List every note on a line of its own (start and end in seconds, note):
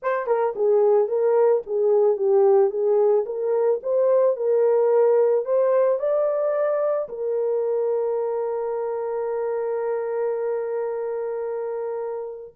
0.02 0.27 C5
0.27 0.54 A#4
0.55 1.08 G#4
1.08 1.62 A#4
1.66 2.17 G#4
2.17 2.70 G4
2.70 3.25 G#4
3.25 3.80 A#4
3.83 4.36 C5
4.36 5.45 A#4
5.45 5.99 C5
5.99 7.08 D5
7.09 12.54 A#4